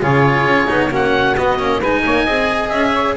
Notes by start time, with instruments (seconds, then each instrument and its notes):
0.00 double bass C#3, cello F4, saxophone G#4, oboe C#5
0.45 double bass C#4
0.67 double bass B3, cello D#4
0.87 double bass A#3, cello C#4, saxophone F#4
0.95 oboe F#5
1.36 cello B3, double bass B3, oboe D#5
1.59 double bass A#3, cello C#4
1.79 double bass G#3, cello D#4, saxophone B4, oboe G#5
2.04 double bass A#3, saxophone C#5
2.23 double bass C4, cello G#4, saxophone D#5
2.69 double bass C#4, oboe E5
2.92 saxophone C#5